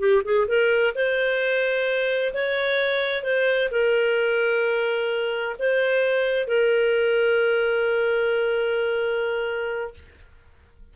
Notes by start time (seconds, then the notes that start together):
0.00 G4
0.25 G#4
0.48 A#4
0.95 C5
2.34 C#5
3.24 C5
3.72 A#4
5.59 C5
6.48 A#4